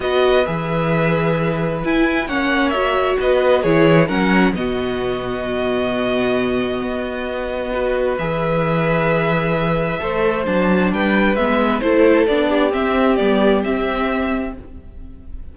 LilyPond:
<<
  \new Staff \with { instrumentName = "violin" } { \time 4/4 \tempo 4 = 132 dis''4 e''2. | gis''4 fis''4 e''4 dis''4 | cis''4 fis''4 dis''2~ | dis''1~ |
dis''2 e''2~ | e''2. a''4 | g''4 e''4 c''4 d''4 | e''4 d''4 e''2 | }
  \new Staff \with { instrumentName = "violin" } { \time 4/4 b'1~ | b'4 cis''2 b'4 | gis'4 ais'4 fis'2~ | fis'1~ |
fis'4 b'2.~ | b'2 c''2 | b'2 a'4. g'8~ | g'1 | }
  \new Staff \with { instrumentName = "viola" } { \time 4/4 fis'4 gis'2. | e'4 cis'4 fis'2 | e'4 cis'4 b2~ | b1~ |
b4 fis'4 gis'2~ | gis'2 a'4 d'4~ | d'4 b4 e'4 d'4 | c'4 b4 c'2 | }
  \new Staff \with { instrumentName = "cello" } { \time 4/4 b4 e2. | e'4 ais2 b4 | e4 fis4 b,2~ | b,2. b4~ |
b2 e2~ | e2 a4 fis4 | g4 gis4 a4 b4 | c'4 g4 c'2 | }
>>